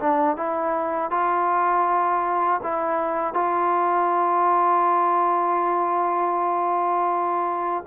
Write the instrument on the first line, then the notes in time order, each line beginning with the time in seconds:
trombone
0.00 D4
0.37 E4
1.11 F4
2.63 E4
3.34 F4